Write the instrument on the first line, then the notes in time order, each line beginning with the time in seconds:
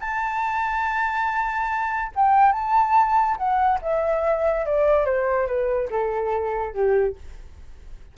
flute
0.00 A5
2.15 G5
2.52 A5
3.36 F#5
3.82 E5
4.66 D5
5.05 C5
5.47 B4
5.90 A4
6.73 G4